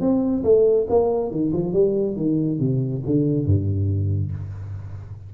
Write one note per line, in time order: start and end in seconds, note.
0.00 0.43 C4
0.44 0.87 A3
0.89 1.31 A#3
1.31 1.52 D#3
1.53 1.73 F3
1.73 2.16 G3
2.16 2.59 D#3
2.60 3.03 C3
3.06 3.46 D3
3.46 4.32 G2